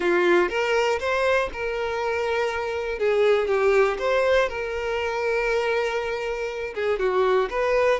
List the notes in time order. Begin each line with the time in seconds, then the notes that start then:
0.00 F4
0.49 A#4
0.99 C5
1.52 A#4
2.99 G#4
3.47 G4
3.98 C5
4.48 A#4
6.74 G#4
6.99 F#4
7.50 B4